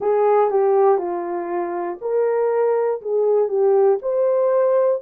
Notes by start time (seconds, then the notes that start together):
0.00 G#4
0.50 G4
0.97 F4
2.00 A#4
3.01 G#4
3.48 G4
4.01 C5